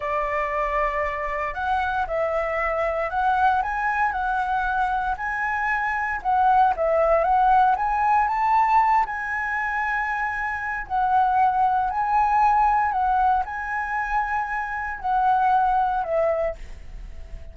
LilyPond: \new Staff \with { instrumentName = "flute" } { \time 4/4 \tempo 4 = 116 d''2. fis''4 | e''2 fis''4 gis''4 | fis''2 gis''2 | fis''4 e''4 fis''4 gis''4 |
a''4. gis''2~ gis''8~ | gis''4 fis''2 gis''4~ | gis''4 fis''4 gis''2~ | gis''4 fis''2 e''4 | }